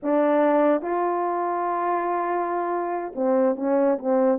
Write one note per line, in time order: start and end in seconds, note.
0.02 0.81 D4
0.81 3.12 F4
3.15 3.55 C4
3.55 3.97 C#4
3.98 4.38 C4